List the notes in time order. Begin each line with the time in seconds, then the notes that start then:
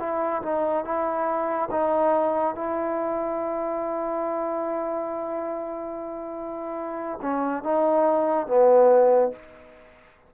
0.00 E4
0.42 D#4
0.85 E4
1.71 D#4
2.55 E4
7.22 C#4
7.64 D#4
8.47 B3